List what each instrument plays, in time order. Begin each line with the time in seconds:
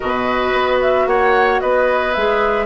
0.00 bassoon B2, clarinet F#4, oboe B4, flute D#5
0.53 bassoon B3
0.81 flute E5
1.06 bassoon A#3, oboe C#5, flute F#5
1.60 bassoon B3, oboe B4, flute D#5
2.13 bassoon G#3, clarinet G#4, flute E5